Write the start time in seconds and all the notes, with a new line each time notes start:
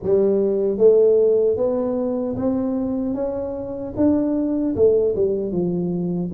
0.02 G3
0.77 A3
1.56 B3
2.35 C4
3.14 C#4
3.96 D4
4.75 A3
5.15 G3
5.52 F3